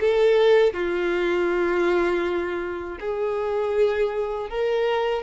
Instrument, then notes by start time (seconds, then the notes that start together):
violin
0.00 A4
0.73 F4
2.99 G#4
4.49 A#4